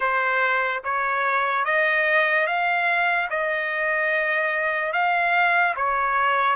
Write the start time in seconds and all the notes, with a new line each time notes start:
0.00 C5
0.84 C#5
1.64 D#5
2.46 F5
3.30 D#5
4.92 F5
5.75 C#5